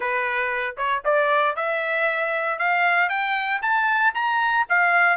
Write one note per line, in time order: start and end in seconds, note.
0.00 0.75 B4
0.77 1.03 C#5
1.05 1.56 D5
1.56 2.59 E5
2.59 3.09 F5
3.09 3.61 G5
3.62 4.13 A5
4.14 4.66 A#5
4.69 5.16 F5